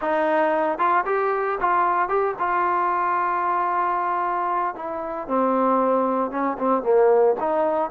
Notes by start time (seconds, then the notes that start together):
0.01 D#4
0.78 F4
1.05 G4
1.60 F4
2.08 G4
2.38 F4
4.75 E4
5.27 C4
6.30 C#4
6.58 C4
6.83 A#3
7.39 D#4